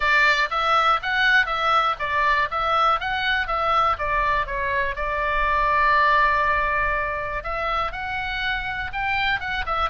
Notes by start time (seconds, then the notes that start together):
0.00 D5
0.50 E5
1.02 F#5
1.46 E5
1.99 D5
2.50 E5
3.00 F#5
3.47 E5
3.98 D5
4.46 C#5
4.95 D5
7.43 E5
7.92 F#5
8.93 G5
9.40 F#5
9.66 E5